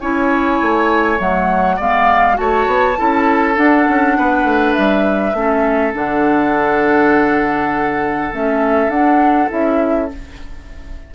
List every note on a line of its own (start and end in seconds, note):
0.00 0.60 C#4
0.00 1.17 E4
0.00 1.76 C#5
0.00 1.19 G#5
0.62 1.19 A3
1.17 1.79 F#3
1.17 1.77 A3
1.17 1.79 F#5
1.76 2.38 G#3
1.76 2.34 B3
1.76 2.35 D5
1.76 2.37 F5
2.34 2.66 A3
2.34 2.93 F#4
2.34 3.56 A5
2.40 2.99 C#5
2.66 2.96 B3
2.97 3.57 C#4
2.97 3.54 E4
2.97 4.17 A4
3.54 5.33 D4
3.54 3.87 D4
3.54 4.73 F#5
3.88 4.18 C#4
4.18 4.44 B3
4.18 5.37 B4
4.44 4.74 A3
4.73 5.33 G3
4.73 5.92 E5
5.33 5.93 A3
5.33 5.93 C#4
5.33 10.15 A4
5.93 8.32 D3
5.93 8.31 D4
5.93 8.34 F#5
8.32 8.88 A3
8.32 8.92 C#4
8.32 8.90 E5
8.88 9.47 D4
8.88 9.49 D4
8.88 9.49 F#5
9.49 10.11 C#4
9.49 10.08 E4
9.49 10.11 E5